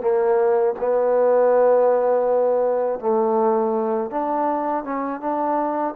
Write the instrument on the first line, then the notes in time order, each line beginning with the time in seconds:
trombone
0.00 A#3
0.79 B3
2.99 A3
4.10 D4
4.84 C#4
5.20 D4